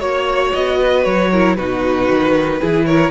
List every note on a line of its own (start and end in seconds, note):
0.00 0.52 A#3
0.00 1.30 F#4
0.00 0.53 C#5
0.00 0.79 C#5
0.53 1.06 B3
0.53 1.04 D#5
0.79 1.31 B4
1.04 1.58 F#3
1.04 1.56 C#5
1.32 1.58 E4
1.32 1.57 A#4
1.56 2.09 B2
1.56 2.60 D#4
1.56 2.60 F#4
1.56 2.86 B4
2.09 2.61 D#3
2.60 3.11 E3
2.60 3.11 E4
2.60 2.86 G#4
2.86 3.11 A#4
2.86 3.11 C#5